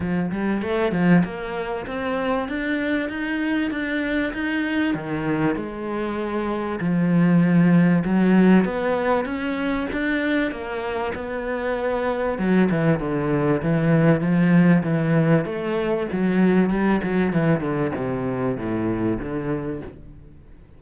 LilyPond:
\new Staff \with { instrumentName = "cello" } { \time 4/4 \tempo 4 = 97 f8 g8 a8 f8 ais4 c'4 | d'4 dis'4 d'4 dis'4 | dis4 gis2 f4~ | f4 fis4 b4 cis'4 |
d'4 ais4 b2 | fis8 e8 d4 e4 f4 | e4 a4 fis4 g8 fis8 | e8 d8 c4 a,4 d4 | }